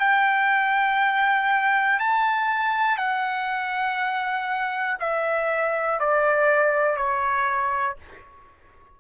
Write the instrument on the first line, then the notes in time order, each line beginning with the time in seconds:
trumpet
0.00 G5
2.00 A5
2.98 F#5
5.00 E5
6.00 D5
6.97 C#5